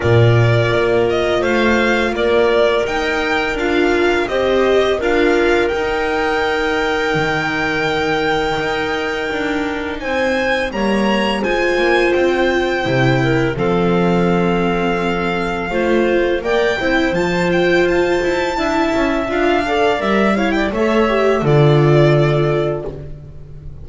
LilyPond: <<
  \new Staff \with { instrumentName = "violin" } { \time 4/4 \tempo 4 = 84 d''4. dis''8 f''4 d''4 | g''4 f''4 dis''4 f''4 | g''1~ | g''2 gis''4 ais''4 |
gis''4 g''2 f''4~ | f''2. g''4 | a''8 g''8 a''2 f''4 | e''8 f''16 g''16 e''4 d''2 | }
  \new Staff \with { instrumentName = "clarinet" } { \time 4/4 ais'2 c''4 ais'4~ | ais'2 c''4 ais'4~ | ais'1~ | ais'2 c''4 cis''4 |
c''2~ c''8 ais'8 a'4~ | a'2 c''4 d''8 c''8~ | c''2 e''4. d''8~ | d''8 cis''16 d''16 cis''4 a'2 | }
  \new Staff \with { instrumentName = "viola" } { \time 4/4 f'1 | dis'4 f'4 g'4 f'4 | dis'1~ | dis'2. ais4 |
f'2 e'4 c'4~ | c'2 f'4 ais'8 e'8 | f'2 e'4 f'8 a'8 | ais'8 e'8 a'8 g'8 f'2 | }
  \new Staff \with { instrumentName = "double bass" } { \time 4/4 ais,4 ais4 a4 ais4 | dis'4 d'4 c'4 d'4 | dis'2 dis2 | dis'4 d'4 c'4 g4 |
gis8 ais8 c'4 c4 f4~ | f2 a4 ais8 c'8 | f4 f'8 e'8 d'8 cis'8 d'4 | g4 a4 d2 | }
>>